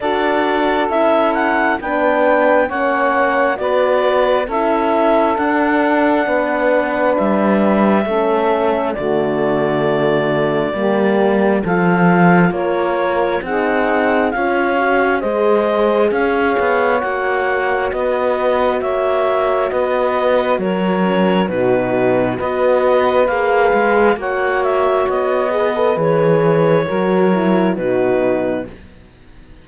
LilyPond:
<<
  \new Staff \with { instrumentName = "clarinet" } { \time 4/4 \tempo 4 = 67 d''4 e''8 fis''8 g''4 fis''4 | d''4 e''4 fis''2 | e''2 d''2~ | d''4 f''4 cis''4 fis''4 |
f''4 dis''4 f''4 fis''4 | dis''4 e''4 dis''4 cis''4 | b'4 dis''4 f''4 fis''8 e''8 | dis''4 cis''2 b'4 | }
  \new Staff \with { instrumentName = "saxophone" } { \time 4/4 a'2 b'4 cis''4 | b'4 a'2 b'4~ | b'4 a'4 fis'2 | g'4 a'4 ais'4 gis'4 |
cis''4 c''4 cis''2 | b'4 cis''4 b'4 ais'4 | fis'4 b'2 cis''4~ | cis''8 b'4. ais'4 fis'4 | }
  \new Staff \with { instrumentName = "horn" } { \time 4/4 fis'4 e'4 d'4 cis'4 | fis'4 e'4 d'2~ | d'4 cis'4 a2 | ais4 f'2 dis'4 |
f'8 fis'8 gis'2 fis'4~ | fis'2.~ fis'8 cis'8 | dis'4 fis'4 gis'4 fis'4~ | fis'8 gis'16 a'16 gis'4 fis'8 e'8 dis'4 | }
  \new Staff \with { instrumentName = "cello" } { \time 4/4 d'4 cis'4 b4 ais4 | b4 cis'4 d'4 b4 | g4 a4 d2 | g4 f4 ais4 c'4 |
cis'4 gis4 cis'8 b8 ais4 | b4 ais4 b4 fis4 | b,4 b4 ais8 gis8 ais4 | b4 e4 fis4 b,4 | }
>>